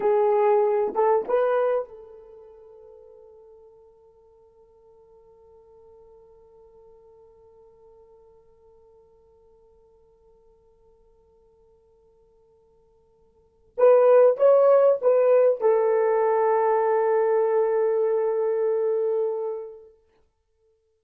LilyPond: \new Staff \with { instrumentName = "horn" } { \time 4/4 \tempo 4 = 96 gis'4. a'8 b'4 a'4~ | a'1~ | a'1~ | a'1~ |
a'1~ | a'2 b'4 cis''4 | b'4 a'2.~ | a'1 | }